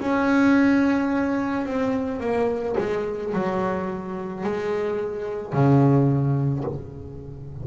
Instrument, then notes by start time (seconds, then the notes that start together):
double bass
0.00 C#4
1.66 C4
2.20 A#3
2.77 G#3
3.33 F#3
4.43 G#3
5.53 C#3